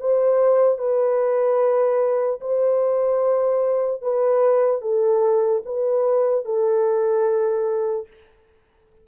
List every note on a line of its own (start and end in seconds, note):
0.00 0.79 C5
0.79 2.41 B4
2.41 4.02 C5
4.02 4.82 B4
4.82 5.63 A4
5.65 6.45 B4
6.45 8.07 A4